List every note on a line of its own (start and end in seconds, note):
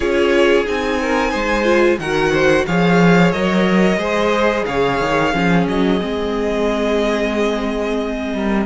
0.00 0.67 C#4
0.00 0.65 F4
0.00 0.99 G#4
0.00 0.66 C#5
0.65 1.34 C4
0.65 1.64 D#4
0.65 1.99 G#5
1.01 1.31 A#4
1.31 1.98 G#3
1.31 1.97 C5
1.64 1.97 F4
1.98 2.65 D#3
1.98 2.68 F#4
1.98 2.32 A#4
1.98 2.65 F#5
2.32 2.65 C5
2.66 3.33 F3
2.66 3.33 G#4
2.66 3.98 C#5
2.66 3.31 F5
3.31 3.97 F#3
3.31 3.99 A#4
3.31 4.65 D#5
3.97 4.63 G#3
3.97 5.32 G#4
3.97 4.64 C5
4.65 5.00 C#3
4.65 5.34 C#5
4.65 5.65 F5
5.00 5.33 D#3
5.32 5.67 F3
5.32 5.99 C#4
5.32 8.35 G#4
5.67 6.00 F#3
5.67 8.65 D#5
6.00 8.33 G#3
6.00 8.65 C4
8.33 8.65 G3
8.33 8.65 A#4